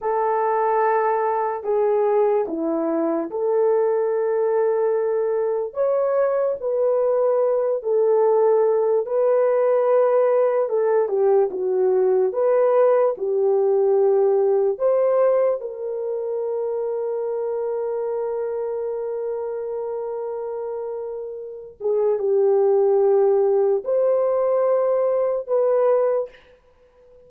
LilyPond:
\new Staff \with { instrumentName = "horn" } { \time 4/4 \tempo 4 = 73 a'2 gis'4 e'4 | a'2. cis''4 | b'4. a'4. b'4~ | b'4 a'8 g'8 fis'4 b'4 |
g'2 c''4 ais'4~ | ais'1~ | ais'2~ ais'8 gis'8 g'4~ | g'4 c''2 b'4 | }